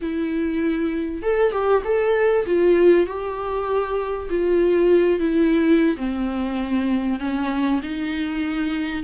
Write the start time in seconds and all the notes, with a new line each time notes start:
0.01 E4
1.22 A4
1.51 G4
1.84 A4
2.46 F4
3.06 G4
4.29 F4
5.19 E4
5.97 C4
7.19 C#4
7.82 D#4